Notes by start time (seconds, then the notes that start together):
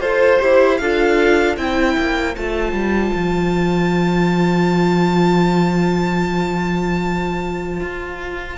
0.00 F4 A4 C5
0.39 E4 G4
0.77 D4 F4 A4 F5
1.57 C4 E4 C5 G5
1.97 A#3
2.36 A3 F4 A5
2.72 G3
3.15 F3
7.80 F4